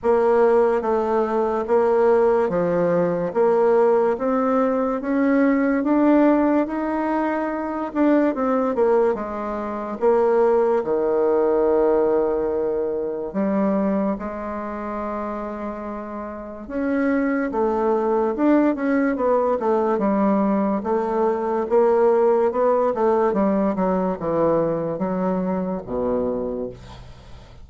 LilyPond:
\new Staff \with { instrumentName = "bassoon" } { \time 4/4 \tempo 4 = 72 ais4 a4 ais4 f4 | ais4 c'4 cis'4 d'4 | dis'4. d'8 c'8 ais8 gis4 | ais4 dis2. |
g4 gis2. | cis'4 a4 d'8 cis'8 b8 a8 | g4 a4 ais4 b8 a8 | g8 fis8 e4 fis4 b,4 | }